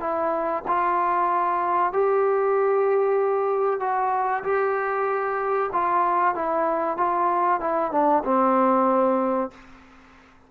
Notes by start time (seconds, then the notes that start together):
0.00 E4
0.68 F4
1.93 G4
3.80 F#4
4.44 G4
5.73 F4
6.35 E4
6.97 F4
7.61 E4
7.92 D4
8.24 C4